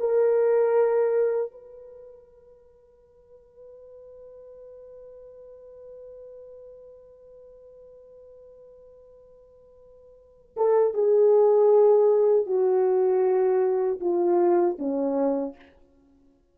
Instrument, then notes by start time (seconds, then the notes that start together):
horn
0.00 A#4
1.52 B4
10.57 A4
10.94 G#4
12.46 F#4
14.00 F4
14.79 C#4